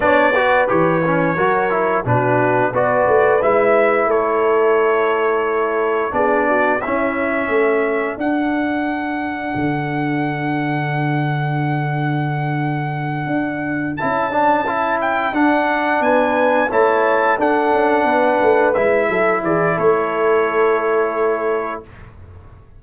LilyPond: <<
  \new Staff \with { instrumentName = "trumpet" } { \time 4/4 \tempo 4 = 88 d''4 cis''2 b'4 | d''4 e''4 cis''2~ | cis''4 d''4 e''2 | fis''1~ |
fis''1~ | fis''8 a''4. g''8 fis''4 gis''8~ | gis''8 a''4 fis''2 e''8~ | e''8 d''8 cis''2. | }
  \new Staff \with { instrumentName = "horn" } { \time 4/4 cis''8 b'4. ais'4 fis'4 | b'2 a'2~ | a'4 gis'8 fis'8 e'4 a'4~ | a'1~ |
a'1~ | a'2.~ a'8 b'8~ | b'8 cis''4 a'4 b'4. | a'8 gis'8 a'2. | }
  \new Staff \with { instrumentName = "trombone" } { \time 4/4 d'8 fis'8 g'8 cis'8 fis'8 e'8 d'4 | fis'4 e'2.~ | e'4 d'4 cis'2 | d'1~ |
d'1~ | d'8 e'8 d'8 e'4 d'4.~ | d'8 e'4 d'2 e'8~ | e'1 | }
  \new Staff \with { instrumentName = "tuba" } { \time 4/4 b4 e4 fis4 b,4 | b8 a8 gis4 a2~ | a4 b4 cis'4 a4 | d'2 d2~ |
d2.~ d8 d'8~ | d'8 cis'2 d'4 b8~ | b8 a4 d'8 cis'8 b8 a8 gis8 | fis8 e8 a2. | }
>>